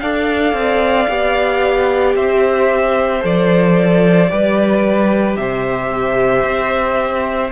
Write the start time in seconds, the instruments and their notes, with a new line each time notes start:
0.00 cello D4, viola A4, violin D5 F5
0.53 cello C4
1.08 cello B3, viola G4
2.15 cello C4, violin C5 E5
3.21 cello F3, viola A4, violin D5
4.29 cello G3, viola G4, violin B4
5.36 cello C3, violin C5 E5
6.44 cello C4